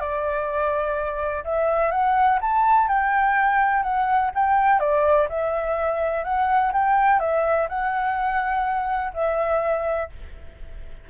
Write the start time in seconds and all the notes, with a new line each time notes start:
0.00 D5
1.44 E5
1.91 F#5
2.41 A5
2.88 G5
3.83 F#5
4.35 G5
4.80 D5
5.30 E5
6.24 F#5
6.73 G5
7.20 E5
7.69 F#5
9.14 E5